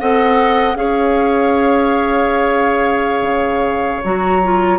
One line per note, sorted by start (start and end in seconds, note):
0.00 0.75 C4
0.00 0.75 A4
0.00 0.77 D#5
0.00 0.76 F#5
0.75 3.22 C#4
0.75 4.02 G#4
0.75 4.79 C#5
0.75 4.03 F5
3.22 3.99 C#3
4.04 4.79 F#3
4.04 4.42 F#4
4.04 4.79 A#5
4.43 4.79 F4